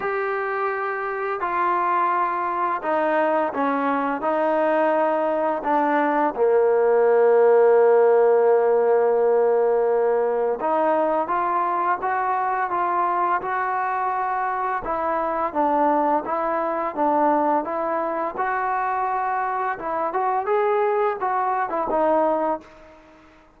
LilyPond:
\new Staff \with { instrumentName = "trombone" } { \time 4/4 \tempo 4 = 85 g'2 f'2 | dis'4 cis'4 dis'2 | d'4 ais2.~ | ais2. dis'4 |
f'4 fis'4 f'4 fis'4~ | fis'4 e'4 d'4 e'4 | d'4 e'4 fis'2 | e'8 fis'8 gis'4 fis'8. e'16 dis'4 | }